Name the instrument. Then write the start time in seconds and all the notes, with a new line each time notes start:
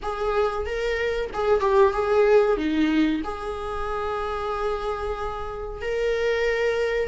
viola
0.02 G#4
0.66 A#4
1.33 G#4
1.60 G4
1.92 G#4
2.57 D#4
3.24 G#4
5.81 A#4